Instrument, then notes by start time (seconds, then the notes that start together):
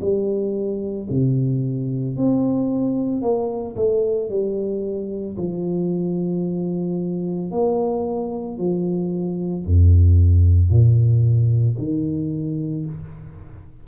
tuba
0.00 G3
1.10 C3
2.17 C4
3.21 A#3
3.75 A3
4.29 G3
5.37 F3
7.51 A#3
8.58 F3
9.65 F2
10.69 A#2
11.78 D#3